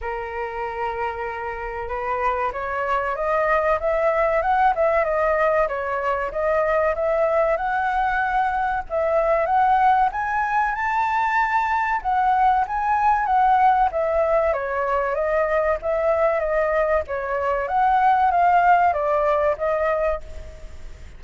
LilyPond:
\new Staff \with { instrumentName = "flute" } { \time 4/4 \tempo 4 = 95 ais'2. b'4 | cis''4 dis''4 e''4 fis''8 e''8 | dis''4 cis''4 dis''4 e''4 | fis''2 e''4 fis''4 |
gis''4 a''2 fis''4 | gis''4 fis''4 e''4 cis''4 | dis''4 e''4 dis''4 cis''4 | fis''4 f''4 d''4 dis''4 | }